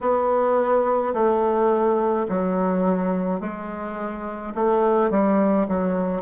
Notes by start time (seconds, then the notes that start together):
0.00 B3
1.13 A3
2.28 F#3
3.40 G#3
4.54 A3
5.10 G3
5.68 F#3